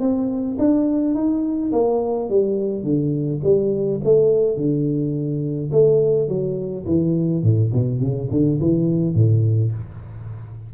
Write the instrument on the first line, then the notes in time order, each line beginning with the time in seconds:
tuba
0.00 C4
0.59 D4
1.15 D#4
1.72 A#3
2.30 G3
2.84 D3
3.44 G3
4.05 A3
4.57 D3
5.72 A3
6.28 F#3
6.86 E3
7.43 A2
7.73 B2
8.01 C#3
8.31 D3
8.60 E3
9.15 A2